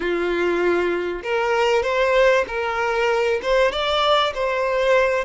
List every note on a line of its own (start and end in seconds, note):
0.00 1.22 F4
1.23 1.82 A#4
1.82 2.44 C5
2.47 3.40 A#4
3.42 3.71 C5
3.71 4.33 D5
4.34 5.24 C5